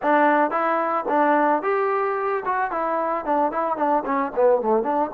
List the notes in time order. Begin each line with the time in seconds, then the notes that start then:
0.02 D4
0.50 E4
1.08 D4
1.62 G4
2.45 F#4
2.71 E4
3.25 D4
3.51 E4
3.76 D4
4.05 C#4
4.35 B3
4.61 A3
4.83 D4